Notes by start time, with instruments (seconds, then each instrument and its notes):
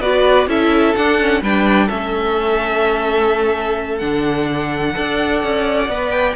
0.00 cello B3, viola F#4, violin B4 D5
0.47 cello C#4, viola E4, violin A4 E5
0.96 viola D4, cello D4, violin F#5
1.20 viola C#4
1.42 cello G3, viola D4, violin B4 G5
1.87 cello A3, viola C#4, violin A4 E5
3.98 cello D3, viola D4, violin F#5
4.94 cello D4, viola A4, violin D5
5.43 cello C#4
5.89 cello B3, viola B4
6.11 violin G5